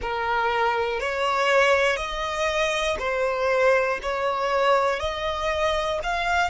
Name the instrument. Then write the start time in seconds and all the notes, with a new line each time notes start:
violin
0.01 A#4
1.00 C#5
1.96 D#5
2.99 C5
4.02 C#5
4.99 D#5
6.03 F5